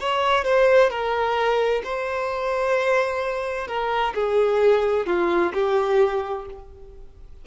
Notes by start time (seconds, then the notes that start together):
0.00 C#5
0.44 C5
0.90 A#4
1.84 C5
3.67 A#4
4.14 G#4
5.06 F4
5.53 G4